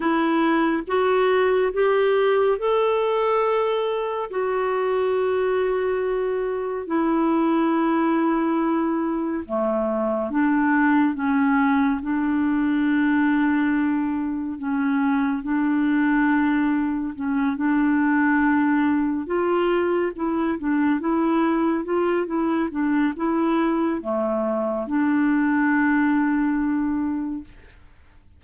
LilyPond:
\new Staff \with { instrumentName = "clarinet" } { \time 4/4 \tempo 4 = 70 e'4 fis'4 g'4 a'4~ | a'4 fis'2. | e'2. a4 | d'4 cis'4 d'2~ |
d'4 cis'4 d'2 | cis'8 d'2 f'4 e'8 | d'8 e'4 f'8 e'8 d'8 e'4 | a4 d'2. | }